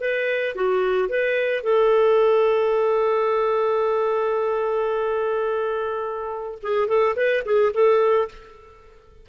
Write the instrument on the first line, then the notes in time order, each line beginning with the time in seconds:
clarinet
0.00 B4
0.55 F#4
1.08 B4
1.63 A4
6.62 G#4
6.88 A4
7.16 B4
7.45 G#4
7.73 A4